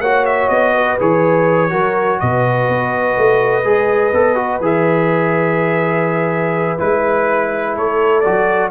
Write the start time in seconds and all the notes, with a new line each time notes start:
0.00 A#3 F#4 C#5 F#5
0.26 E5
0.49 B3 D#5
0.74 B4
0.99 E3 G#4 C#5
1.69 F#3 F#4 A#4
2.20 B2 B4 D#5
2.68 B3
3.17 A3
3.64 G#3 G#4
4.13 B3 A4
4.35 F#4
4.60 E3 G#4 E5
6.78 G#3 E4 B4
7.74 A3 A4 C#5
8.20 F#3 F#4 D5